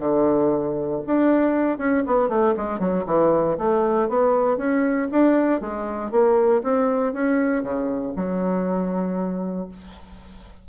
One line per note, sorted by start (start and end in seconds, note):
0.00 1.02 D3
1.07 1.78 D4
1.78 2.04 C#4
2.07 2.29 B3
2.29 2.55 A3
2.57 2.80 G#3
2.80 3.05 F#3
3.07 3.58 E3
3.58 4.09 A3
4.09 4.58 B3
4.58 5.08 C#4
5.12 5.61 D4
5.61 6.12 G#3
6.12 6.63 A#3
6.64 7.14 C4
7.14 7.63 C#4
7.63 8.14 C#3
8.16 9.69 F#3